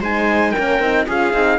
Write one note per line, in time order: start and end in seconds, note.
0.00 0.53 G#3
0.00 0.56 D#4
0.00 0.51 C5
0.00 0.51 G#5
0.51 0.81 C#4
0.51 1.04 A#4
0.51 1.04 G5
0.59 0.80 A#3
0.80 1.06 C4
0.80 1.08 D#4
1.07 1.33 C#4
1.07 1.34 F4
1.07 1.59 G#4
1.07 1.59 F5
1.33 1.59 C4
1.33 1.59 D#4